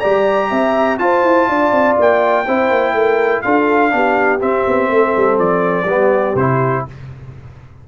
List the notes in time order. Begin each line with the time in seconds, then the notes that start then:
0.00 G3 G4 D5 A#5
0.50 C4 E5
0.99 F4 C5 A5
1.23 E4
1.49 D4 D5
1.72 C4
1.99 A#3 G5
2.46 C4 E4 C5
2.71 A#3
2.94 A3 A#4
3.42 D4 F4 A4 F5
3.91 B3 D4 G4
4.41 C4 E5
4.68 B3
4.89 A3 A4
5.17 G3
5.39 F3 D5
5.86 G3 B3 G4
6.35 C3 E4 C5